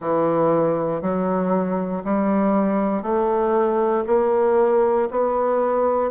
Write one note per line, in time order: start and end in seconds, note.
0.00 1.01 E3
1.01 2.03 F#3
2.04 3.02 G3
3.02 4.04 A3
4.07 5.08 A#3
5.11 6.11 B3